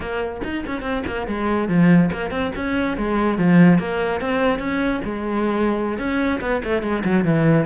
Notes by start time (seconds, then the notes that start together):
0.00 A#3
0.43 D#4
0.66 C#4
0.82 C4
1.06 A#3
1.27 G#3
1.68 F3
2.12 A#3
2.30 C4
2.55 C#4
2.97 G#3
3.37 F3
3.79 A#3
4.21 C4
4.58 C#4
5.04 G#3
5.98 C#4
6.41 B3
6.64 A3
6.82 G#3
7.04 F#3
7.24 E3